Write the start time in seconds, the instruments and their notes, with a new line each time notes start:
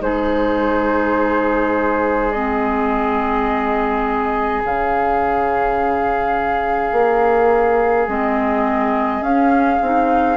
0.00 bassoon G#3, clarinet D#4, oboe G#4, flute C5
2.31 clarinet C4, flute D#5
4.64 bassoon C#3, clarinet C#4, flute F5
6.92 bassoon A#3
8.07 bassoon G#3, clarinet C4, flute D#5
9.21 bassoon C#4, clarinet C#4, flute F5
9.81 bassoon C4, clarinet D#4